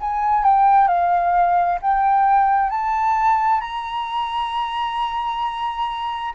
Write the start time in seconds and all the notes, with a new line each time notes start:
0.00 G#5
0.43 G5
0.88 F5
1.81 G5
2.70 A5
3.61 A#5